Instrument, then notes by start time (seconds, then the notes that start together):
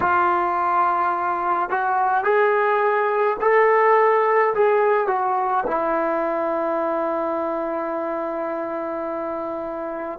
trombone
0.00 F4
1.69 F#4
2.24 G#4
3.41 A4
4.54 G#4
5.07 F#4
5.66 E4